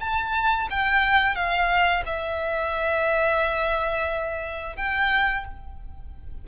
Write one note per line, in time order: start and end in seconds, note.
0.00 0.68 A5
0.70 1.35 G5
1.35 2.04 F5
2.06 4.76 E5
4.76 5.45 G5